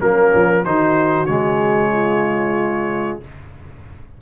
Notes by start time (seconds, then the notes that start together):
0.00 F#3 A#3 C#4 A#4
0.34 F3
0.65 D#3 D#4 F#4 C5
1.25 C#3 G#3 C#5
1.92 F4